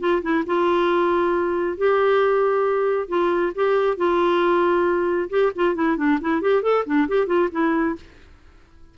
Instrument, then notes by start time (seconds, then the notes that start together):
clarinet
0.00 F4
0.22 E4
0.47 F4
1.78 G4
3.09 F4
3.56 G4
3.97 F4
5.30 G4
5.56 F4
5.75 E4
5.97 D4
6.21 E4
6.42 G4
6.63 A4
6.86 D4
7.09 G4
7.27 F4
7.52 E4